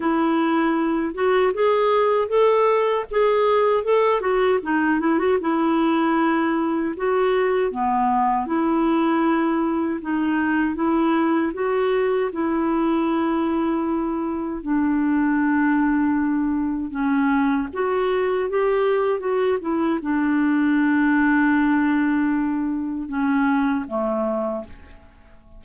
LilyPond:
\new Staff \with { instrumentName = "clarinet" } { \time 4/4 \tempo 4 = 78 e'4. fis'8 gis'4 a'4 | gis'4 a'8 fis'8 dis'8 e'16 fis'16 e'4~ | e'4 fis'4 b4 e'4~ | e'4 dis'4 e'4 fis'4 |
e'2. d'4~ | d'2 cis'4 fis'4 | g'4 fis'8 e'8 d'2~ | d'2 cis'4 a4 | }